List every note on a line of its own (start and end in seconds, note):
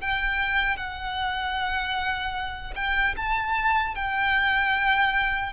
0.00 0.76 G5
0.76 2.73 F#5
2.75 3.15 G5
3.17 3.95 A5
3.95 5.53 G5